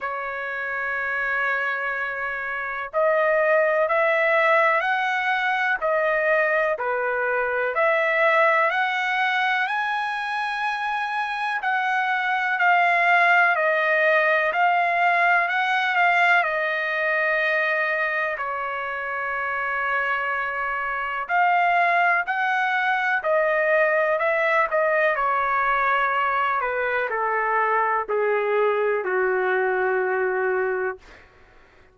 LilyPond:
\new Staff \with { instrumentName = "trumpet" } { \time 4/4 \tempo 4 = 62 cis''2. dis''4 | e''4 fis''4 dis''4 b'4 | e''4 fis''4 gis''2 | fis''4 f''4 dis''4 f''4 |
fis''8 f''8 dis''2 cis''4~ | cis''2 f''4 fis''4 | dis''4 e''8 dis''8 cis''4. b'8 | a'4 gis'4 fis'2 | }